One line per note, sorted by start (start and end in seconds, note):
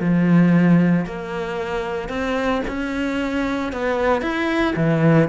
0.00 1.05 F3
1.05 2.09 A#3
2.09 2.62 C4
2.67 3.72 C#4
3.72 4.21 B3
4.21 4.74 E4
4.76 5.29 E3